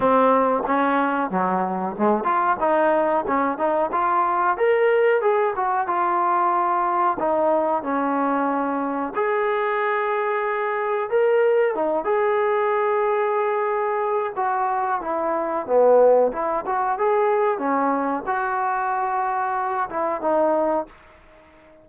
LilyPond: \new Staff \with { instrumentName = "trombone" } { \time 4/4 \tempo 4 = 92 c'4 cis'4 fis4 gis8 f'8 | dis'4 cis'8 dis'8 f'4 ais'4 | gis'8 fis'8 f'2 dis'4 | cis'2 gis'2~ |
gis'4 ais'4 dis'8 gis'4.~ | gis'2 fis'4 e'4 | b4 e'8 fis'8 gis'4 cis'4 | fis'2~ fis'8 e'8 dis'4 | }